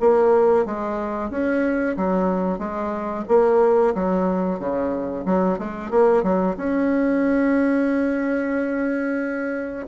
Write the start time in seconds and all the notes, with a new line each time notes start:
0.00 A#3
0.65 G#3
1.30 C#4
1.97 F#3
2.59 G#3
3.28 A#3
3.95 F#3
4.59 C#3
5.26 F#3
5.59 G#3
5.90 A#3
6.23 F#3
6.57 C#4